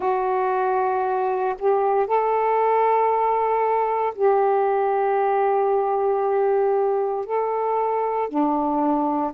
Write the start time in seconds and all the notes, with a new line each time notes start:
0.00 F#4
1.58 G4
2.06 A4
4.15 G4
7.25 A4
8.29 D4